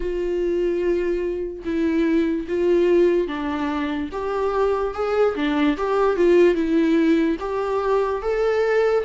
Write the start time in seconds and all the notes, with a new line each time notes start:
0.00 F4
1.64 E4
2.48 F4
3.27 D4
4.11 G4
4.94 G#4
5.35 D4
5.77 G4
6.16 F4
6.54 E4
7.39 G4
8.22 A4